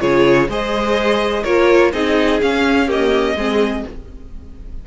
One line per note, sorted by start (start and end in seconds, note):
0.00 0.48 C#3
0.00 0.48 F4
0.00 0.49 G#4
0.00 0.48 C#5
0.48 1.44 G#3
0.48 1.45 G#4
0.48 1.43 C5
0.48 1.43 D#5
1.43 1.93 A#3
1.43 1.93 F4
1.43 1.91 A#4
1.43 1.91 C#5
1.93 2.41 C4
1.93 2.41 D#4
1.93 2.86 G#4
1.93 2.41 D#5
2.42 2.87 C#4
2.42 3.35 C#4
2.42 2.90 F5
2.86 3.35 A#3
2.86 3.34 G4
2.86 3.87 D#5
3.35 3.83 G#3
3.35 3.86 C4
3.35 3.85 G#4